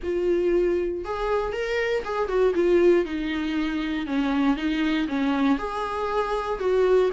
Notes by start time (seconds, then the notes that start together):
0.03 F4
1.04 G#4
1.52 A#4
2.04 G#4
2.28 F#4
2.54 F4
3.05 D#4
4.06 C#4
4.56 D#4
5.08 C#4
5.58 G#4
6.59 F#4